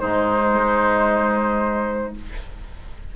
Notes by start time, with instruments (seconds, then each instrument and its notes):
0.00 bassoon G#2, clarinet G#3, oboe D#4, flute C5
0.53 bassoon G#3